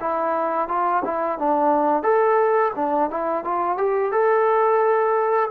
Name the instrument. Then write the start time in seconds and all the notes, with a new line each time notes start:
trombone
0.00 E4
0.68 F4
1.04 E4
1.38 D4
2.03 A4
2.75 D4
3.10 E4
3.44 F4
3.77 G4
4.12 A4